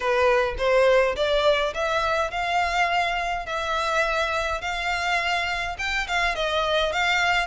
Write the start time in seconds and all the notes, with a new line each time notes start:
0.00 B4
0.57 C5
1.16 D5
1.74 E5
2.31 F5
3.46 E5
4.61 F5
5.78 G5
6.07 F5
6.35 D#5
6.92 F5